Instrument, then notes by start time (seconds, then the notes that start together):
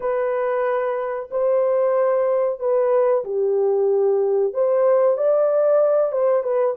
horn
0.00 B4
1.30 C5
2.59 B4
3.24 G4
4.53 C5
5.17 D5
6.12 C5
6.43 B4